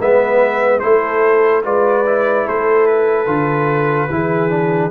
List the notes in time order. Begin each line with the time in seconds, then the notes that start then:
0.00 G#3 B3 B4 E5
0.80 A3 E4 A4 C5
1.64 G#3 F4 B4 D5
2.06 E4
2.46 A3 A4 C5
2.87 B4
3.27 D3 F4
4.10 E3 E4 G#4
4.50 D4